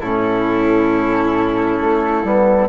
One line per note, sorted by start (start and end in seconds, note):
0.00 1.80 A2
0.00 2.25 C#4
0.00 2.68 E4
0.00 2.68 A4
1.80 2.24 A3
2.24 2.68 G3
2.24 2.68 B3